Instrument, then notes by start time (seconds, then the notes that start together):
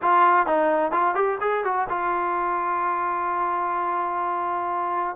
trombone
0.01 F4
0.46 D#4
0.91 F4
1.15 G4
1.40 G#4
1.64 F#4
1.89 F4